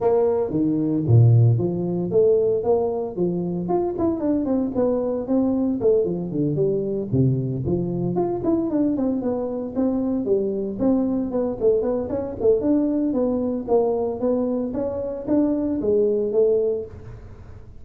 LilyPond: \new Staff \with { instrumentName = "tuba" } { \time 4/4 \tempo 4 = 114 ais4 dis4 ais,4 f4 | a4 ais4 f4 f'8 e'8 | d'8 c'8 b4 c'4 a8 f8 | d8 g4 c4 f4 f'8 |
e'8 d'8 c'8 b4 c'4 g8~ | g8 c'4 b8 a8 b8 cis'8 a8 | d'4 b4 ais4 b4 | cis'4 d'4 gis4 a4 | }